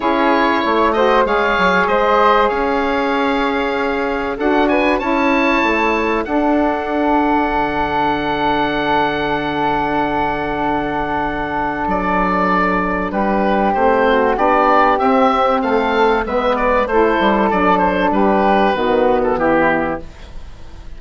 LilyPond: <<
  \new Staff \with { instrumentName = "oboe" } { \time 4/4 \tempo 4 = 96 cis''4. dis''8 f''4 dis''4 | f''2. fis''8 gis''8 | a''2 fis''2~ | fis''1~ |
fis''2. d''4~ | d''4 b'4 c''4 d''4 | e''4 f''4 e''8 d''8 c''4 | d''8 c''8 b'4.~ b'16 a'16 g'4 | }
  \new Staff \with { instrumentName = "flute" } { \time 4/4 gis'4 cis''8 c''8 cis''4 c''4 | cis''2. a'8 b'8 | cis''2 a'2~ | a'1~ |
a'1~ | a'4 g'4. fis'8 g'4~ | g'4 a'4 b'4 a'4~ | a'4 g'4 fis'4 e'4 | }
  \new Staff \with { instrumentName = "saxophone" } { \time 4/4 e'4. fis'8 gis'2~ | gis'2. fis'4 | e'2 d'2~ | d'1~ |
d'1~ | d'2 c'4 d'4 | c'2 b4 e'4 | d'2 b2 | }
  \new Staff \with { instrumentName = "bassoon" } { \time 4/4 cis'4 a4 gis8 fis8 gis4 | cis'2. d'4 | cis'4 a4 d'2 | d1~ |
d2. fis4~ | fis4 g4 a4 b4 | c'4 a4 gis4 a8 g8 | fis4 g4 dis4 e4 | }
>>